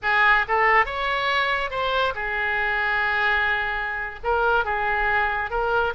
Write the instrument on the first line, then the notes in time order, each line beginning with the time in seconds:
oboe
0.02 G#4
0.47 A4
0.85 C#5
1.70 C5
2.14 G#4
4.23 A#4
4.64 G#4
5.50 A#4